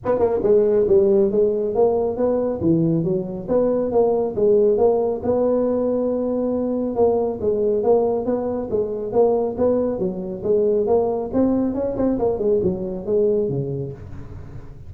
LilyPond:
\new Staff \with { instrumentName = "tuba" } { \time 4/4 \tempo 4 = 138 b8 ais8 gis4 g4 gis4 | ais4 b4 e4 fis4 | b4 ais4 gis4 ais4 | b1 |
ais4 gis4 ais4 b4 | gis4 ais4 b4 fis4 | gis4 ais4 c'4 cis'8 c'8 | ais8 gis8 fis4 gis4 cis4 | }